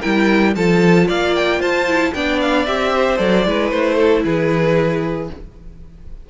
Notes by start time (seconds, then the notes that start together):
0.00 G3 E4 A#4 G5
0.55 F3 F4 A4 A5
1.08 A#3 D5 F5
1.36 G5
1.60 F4 C5 A5
1.88 E4
2.13 B3 D4 D5 G5
2.41 F5
2.66 C4 G4 E5
2.95 C5
3.17 F#3 A4 D5
3.46 G#3 E4 B4
3.71 A3 C5
3.95 A4
4.24 E3 G#4 B4